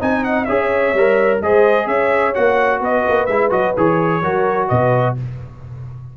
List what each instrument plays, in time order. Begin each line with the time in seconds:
0.00 tuba C4, trombone D#4, horn D#5, trumpet G#5
0.24 trumpet F#5
0.45 tuba C#4, trombone G#4, horn C#5, trumpet E5
0.94 tuba G3, trombone A#4
1.41 tuba G#3, trombone G#4, horn C5, trumpet D#5
1.85 tuba C#4, horn C#5, trumpet E5
2.34 tuba A#3, trombone F#4, trumpet F#5
2.81 tuba B3, horn B4, trumpet D#5
3.08 tuba A#3
3.26 tuba G#3, trombone E4, trumpet E5
3.50 tuba F#3, trombone F#4, trumpet D#5
3.77 tuba E3, trombone G#4, trumpet C#5
4.21 tuba F#3, trombone F#4, horn A#4
4.69 tuba B2, horn B4, trumpet D#5